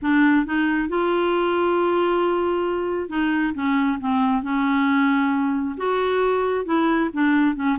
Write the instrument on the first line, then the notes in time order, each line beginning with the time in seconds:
clarinet
0.02 D4
0.45 D#4
0.88 F4
3.09 D#4
3.54 C#4
4.00 C4
4.42 C#4
5.77 F#4
6.65 E4
7.13 D4
7.55 C#4